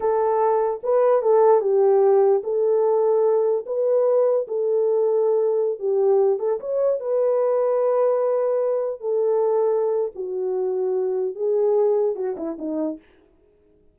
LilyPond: \new Staff \with { instrumentName = "horn" } { \time 4/4 \tempo 4 = 148 a'2 b'4 a'4 | g'2 a'2~ | a'4 b'2 a'4~ | a'2~ a'16 g'4. a'16~ |
a'16 cis''4 b'2~ b'8.~ | b'2~ b'16 a'4.~ a'16~ | a'4 fis'2. | gis'2 fis'8 e'8 dis'4 | }